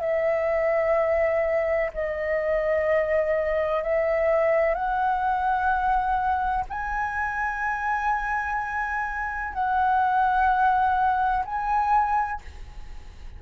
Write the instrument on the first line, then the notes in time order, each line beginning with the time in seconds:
flute
0.00 E5
1.94 D#5
3.83 E5
4.74 F#5
6.70 G#5
9.54 F#5
11.45 G#5